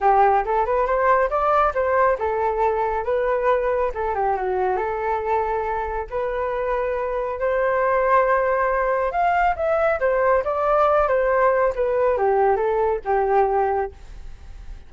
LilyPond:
\new Staff \with { instrumentName = "flute" } { \time 4/4 \tempo 4 = 138 g'4 a'8 b'8 c''4 d''4 | c''4 a'2 b'4~ | b'4 a'8 g'8 fis'4 a'4~ | a'2 b'2~ |
b'4 c''2.~ | c''4 f''4 e''4 c''4 | d''4. c''4. b'4 | g'4 a'4 g'2 | }